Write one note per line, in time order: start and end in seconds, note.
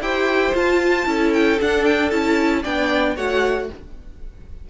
0.00 0.53 E4
0.00 0.54 G4
0.00 1.08 C5
0.00 0.55 G5
0.54 1.06 F4
0.54 1.33 A5
1.06 1.59 C#4
1.06 1.58 E4
1.06 2.62 A4
1.33 1.60 G5
1.60 2.11 D4
1.60 2.12 D4
1.60 1.85 F#5
1.85 2.10 G5
2.10 2.64 C#4
2.10 2.64 E4
2.10 2.63 A5
2.62 3.17 B3
2.62 3.17 D4
2.62 3.15 D5
2.62 3.17 G5
3.16 3.69 A3
3.16 3.70 F#4
3.16 3.68 C#5
3.16 3.70 F#5